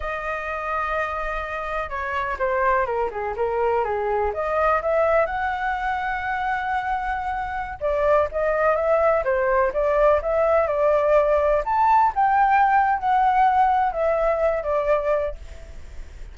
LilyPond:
\new Staff \with { instrumentName = "flute" } { \time 4/4 \tempo 4 = 125 dis''1 | cis''4 c''4 ais'8 gis'8 ais'4 | gis'4 dis''4 e''4 fis''4~ | fis''1~ |
fis''16 d''4 dis''4 e''4 c''8.~ | c''16 d''4 e''4 d''4.~ d''16~ | d''16 a''4 g''4.~ g''16 fis''4~ | fis''4 e''4. d''4. | }